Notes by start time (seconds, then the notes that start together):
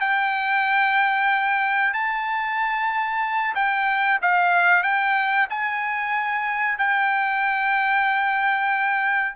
0.00 G5
1.93 A5
3.55 G5
4.21 F5
4.83 G5
5.50 G#5
6.78 G5